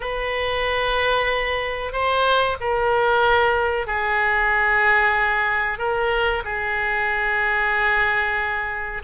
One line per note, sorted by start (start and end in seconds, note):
0.00 1.92 B4
1.92 2.57 C5
2.60 3.86 A#4
3.86 5.78 G#4
5.78 6.43 A#4
6.44 9.02 G#4